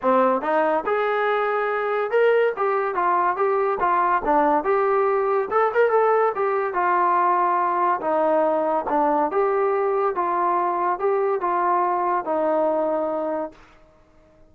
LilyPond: \new Staff \with { instrumentName = "trombone" } { \time 4/4 \tempo 4 = 142 c'4 dis'4 gis'2~ | gis'4 ais'4 g'4 f'4 | g'4 f'4 d'4 g'4~ | g'4 a'8 ais'8 a'4 g'4 |
f'2. dis'4~ | dis'4 d'4 g'2 | f'2 g'4 f'4~ | f'4 dis'2. | }